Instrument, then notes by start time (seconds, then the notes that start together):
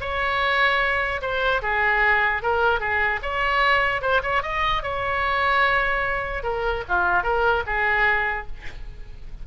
oboe
0.00 C#5
1.21 C5
1.61 G#4
2.42 A#4
2.79 G#4
3.22 C#5
4.01 C5
4.22 C#5
4.42 D#5
4.82 C#5
6.43 A#4
6.88 F4
7.23 A#4
7.66 G#4